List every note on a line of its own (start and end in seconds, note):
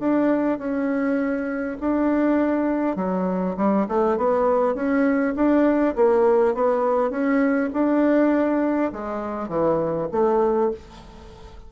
0.00 0.59 D4
0.59 1.77 C#4
1.80 2.96 D4
2.96 3.56 F#3
3.57 3.86 G3
3.89 4.17 A3
4.17 4.75 B3
4.75 5.35 C#4
5.36 5.95 D4
5.96 6.55 A#3
6.55 7.10 B3
7.10 7.70 C#4
7.73 8.92 D4
8.92 9.49 G#3
9.49 10.08 E3
10.12 10.71 A3